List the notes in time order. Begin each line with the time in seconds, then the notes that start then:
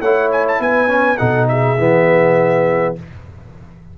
0.00 A3 E4 C#5 F#5
0.32 G#5
0.48 A5
0.59 B3 B4 G#5
0.87 C#4
1.17 B2 D#4 A4 F#5
1.48 G#4 E5
1.78 E3 B3